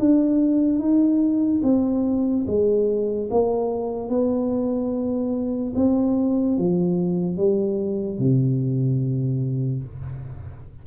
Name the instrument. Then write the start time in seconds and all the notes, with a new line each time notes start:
tuba
0.00 D4
0.80 D#4
1.64 C4
2.47 G#3
3.31 A#3
4.09 B3
5.76 C4
6.58 F3
7.37 G3
8.19 C3